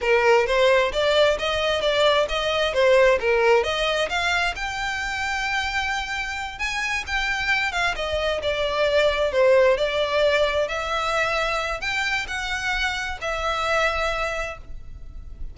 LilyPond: \new Staff \with { instrumentName = "violin" } { \time 4/4 \tempo 4 = 132 ais'4 c''4 d''4 dis''4 | d''4 dis''4 c''4 ais'4 | dis''4 f''4 g''2~ | g''2~ g''8 gis''4 g''8~ |
g''4 f''8 dis''4 d''4.~ | d''8 c''4 d''2 e''8~ | e''2 g''4 fis''4~ | fis''4 e''2. | }